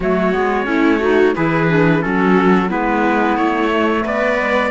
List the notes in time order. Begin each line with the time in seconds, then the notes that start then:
0.00 F#3 A3 F#4 C#5
0.32 G#3 B3
0.64 A3 C#4 E4
0.99 D#4 F#4
1.35 E3 E4 G#4 B4
1.68 D4
2.00 F#3 C#4 F#4 A4
2.68 G#3 B3 E4 B4
3.36 A3 C#5
3.71 A3
4.04 B3 B4 D5
4.38 G#3